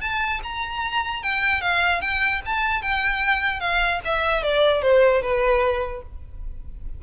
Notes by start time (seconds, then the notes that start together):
0.00 A5
0.43 A#5
1.22 G5
1.61 F5
2.01 G5
2.45 A5
2.82 G5
3.60 F5
4.04 E5
4.42 D5
4.82 C5
5.22 B4